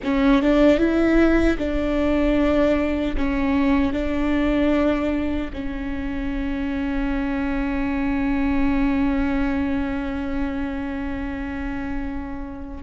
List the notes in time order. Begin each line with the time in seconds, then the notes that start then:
0.03 C#4
0.42 D4
0.78 E4
1.58 D4
3.17 C#4
3.93 D4
5.53 C#4